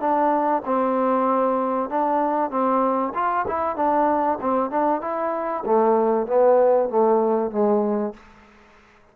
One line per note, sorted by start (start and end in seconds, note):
0.00 0.62 D4
0.65 1.89 C4
1.89 2.50 D4
2.50 3.13 C4
3.14 3.45 F4
3.47 3.76 E4
3.76 4.38 D4
4.41 4.70 C4
4.70 5.01 D4
5.01 5.63 E4
5.65 6.26 A3
6.26 6.89 B3
6.89 7.51 A3
7.51 8.13 G#3